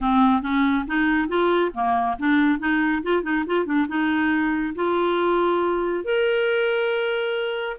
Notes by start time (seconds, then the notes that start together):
0.00 C4
0.41 C#4
0.87 D#4
1.28 F4
1.74 A#3
2.19 D4
2.59 D#4
3.02 F4
3.22 D#4
3.46 F4
3.65 D4
3.88 D#4
4.75 F4
6.04 A#4